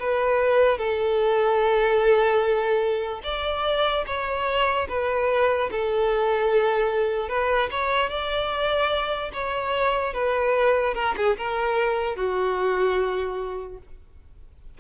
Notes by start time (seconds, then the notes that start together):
0.00 B4
0.79 A4
3.24 D5
4.07 C#5
4.89 B4
5.72 A4
7.29 B4
7.71 C#5
8.10 D5
9.34 C#5
10.14 B4
10.95 A#4
11.17 G#4
11.38 A#4
12.16 F#4